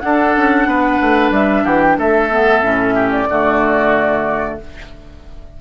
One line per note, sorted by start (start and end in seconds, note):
0.00 2.30 D4
0.00 0.37 D4
0.00 0.69 A4
0.00 1.30 F#5
0.37 0.66 C#4
0.66 0.99 B3
0.66 1.64 B4
1.01 1.31 A3
1.31 1.64 G3
1.31 1.66 E5
1.64 1.98 E3
1.64 1.97 G4
1.64 1.82 F#5
1.82 1.98 G5
1.98 2.62 A3
1.98 2.95 A4
1.98 3.12 E5
2.32 2.63 B3
2.62 3.27 A2
2.62 3.28 C#4
2.95 3.28 G4
3.12 4.59 D5
3.29 4.60 D3
3.29 4.61 A3
3.29 4.60 F#4